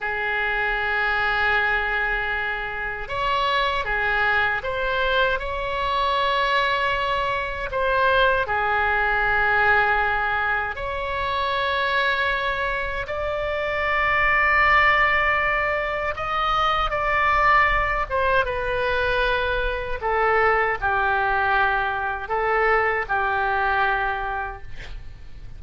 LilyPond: \new Staff \with { instrumentName = "oboe" } { \time 4/4 \tempo 4 = 78 gis'1 | cis''4 gis'4 c''4 cis''4~ | cis''2 c''4 gis'4~ | gis'2 cis''2~ |
cis''4 d''2.~ | d''4 dis''4 d''4. c''8 | b'2 a'4 g'4~ | g'4 a'4 g'2 | }